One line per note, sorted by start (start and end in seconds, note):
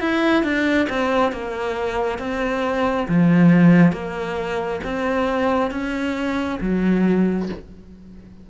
0.00 0.43 E4
0.43 0.87 D4
0.89 1.32 C4
1.32 2.19 A#3
2.19 3.07 C4
3.08 3.92 F3
3.92 4.80 A#3
4.84 5.71 C4
5.71 6.59 C#4
6.61 7.49 F#3